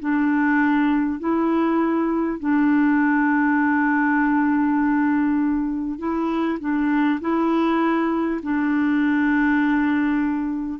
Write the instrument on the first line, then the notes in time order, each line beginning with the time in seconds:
clarinet
0.00 D4
1.19 E4
2.39 D4
5.99 E4
6.60 D4
7.21 E4
8.42 D4